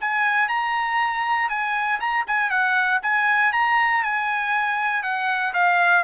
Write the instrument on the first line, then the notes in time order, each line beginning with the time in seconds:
trumpet
0.00 G#5
0.48 A#5
1.49 G#5
1.99 A#5
2.27 G#5
2.49 F#5
3.02 G#5
3.52 A#5
4.03 G#5
5.02 F#5
5.53 F5